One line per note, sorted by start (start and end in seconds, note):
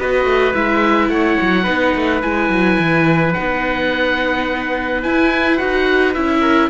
0.00 0.25 B3
0.00 0.54 F#4
0.00 1.13 B4
0.00 0.54 D#5
0.25 0.53 A3
0.54 1.09 G#3
0.54 1.65 E4
0.54 1.10 E5
1.09 1.37 A3
1.09 1.64 C#5
1.09 2.22 F#5
1.42 1.67 F#3
1.64 1.95 B3
1.64 2.21 D#4
1.64 6.41 B4
1.96 2.24 A3
2.23 2.50 G#3
2.23 3.36 E4
2.23 3.34 G#5
2.50 2.78 F#3
2.79 3.35 E3
3.34 5.06 B3
3.34 5.03 D#4
3.34 5.02 F#5
5.03 5.58 E4
5.03 5.61 E4
5.03 5.58 G#5
5.58 6.17 D#4
5.58 6.14 F#4
5.58 6.14 F#5
6.14 6.71 C#4
6.14 6.71 E4
6.14 6.70 E5
6.42 6.70 A#4